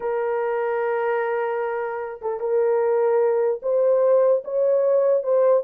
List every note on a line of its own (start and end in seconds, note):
0.00 2.20 A#4
2.21 2.40 A4
2.40 3.60 A#4
3.62 4.43 C5
4.44 5.23 C#5
5.23 5.63 C5